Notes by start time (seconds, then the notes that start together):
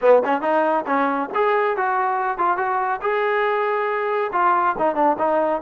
0.01 B3
0.25 C#4
0.41 D#4
0.86 C#4
1.34 G#4
1.76 F#4
2.38 F4
2.57 F#4
3.01 G#4
4.32 F4
4.78 D#4
4.95 D4
5.18 D#4